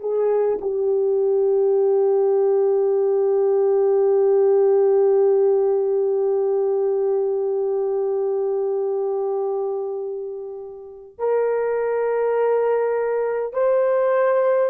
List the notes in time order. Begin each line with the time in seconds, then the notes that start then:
0.00 G#4
0.61 G4
11.19 A#4
13.53 C5